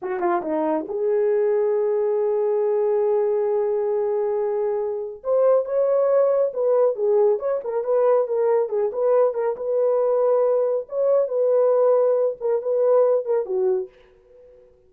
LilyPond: \new Staff \with { instrumentName = "horn" } { \time 4/4 \tempo 4 = 138 fis'8 f'8 dis'4 gis'2~ | gis'1~ | gis'1 | c''4 cis''2 b'4 |
gis'4 cis''8 ais'8 b'4 ais'4 | gis'8 b'4 ais'8 b'2~ | b'4 cis''4 b'2~ | b'8 ais'8 b'4. ais'8 fis'4 | }